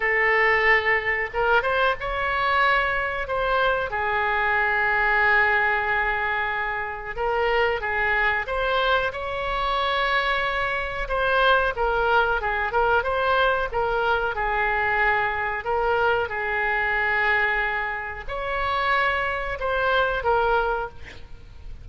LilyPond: \new Staff \with { instrumentName = "oboe" } { \time 4/4 \tempo 4 = 92 a'2 ais'8 c''8 cis''4~ | cis''4 c''4 gis'2~ | gis'2. ais'4 | gis'4 c''4 cis''2~ |
cis''4 c''4 ais'4 gis'8 ais'8 | c''4 ais'4 gis'2 | ais'4 gis'2. | cis''2 c''4 ais'4 | }